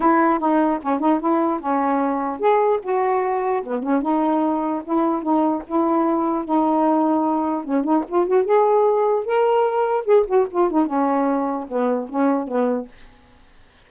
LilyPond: \new Staff \with { instrumentName = "saxophone" } { \time 4/4 \tempo 4 = 149 e'4 dis'4 cis'8 dis'8 e'4 | cis'2 gis'4 fis'4~ | fis'4 b8 cis'8 dis'2 | e'4 dis'4 e'2 |
dis'2. cis'8 dis'8 | f'8 fis'8 gis'2 ais'4~ | ais'4 gis'8 fis'8 f'8 dis'8 cis'4~ | cis'4 b4 cis'4 b4 | }